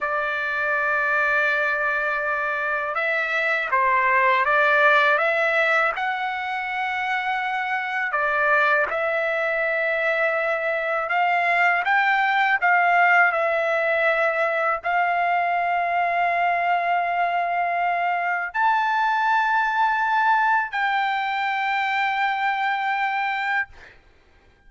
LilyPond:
\new Staff \with { instrumentName = "trumpet" } { \time 4/4 \tempo 4 = 81 d''1 | e''4 c''4 d''4 e''4 | fis''2. d''4 | e''2. f''4 |
g''4 f''4 e''2 | f''1~ | f''4 a''2. | g''1 | }